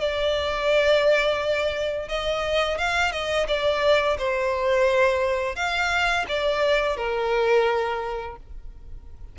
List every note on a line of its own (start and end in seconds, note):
0.00 2.08 D5
2.08 2.78 D#5
2.78 3.12 F5
3.12 3.47 D#5
3.47 4.17 D5
4.18 5.56 C5
5.56 6.25 F5
6.28 6.97 D5
6.97 8.37 A#4